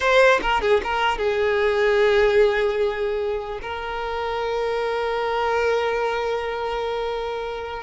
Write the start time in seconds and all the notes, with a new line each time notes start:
0.00 C5
0.42 A#4
0.61 G#4
0.83 A#4
1.18 G#4
3.61 A#4